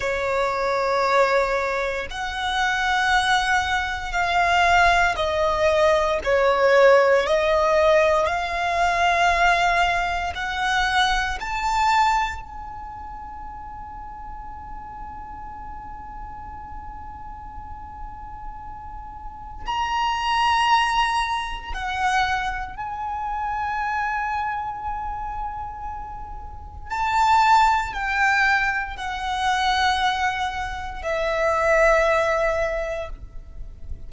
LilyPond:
\new Staff \with { instrumentName = "violin" } { \time 4/4 \tempo 4 = 58 cis''2 fis''2 | f''4 dis''4 cis''4 dis''4 | f''2 fis''4 a''4 | gis''1~ |
gis''2. ais''4~ | ais''4 fis''4 gis''2~ | gis''2 a''4 g''4 | fis''2 e''2 | }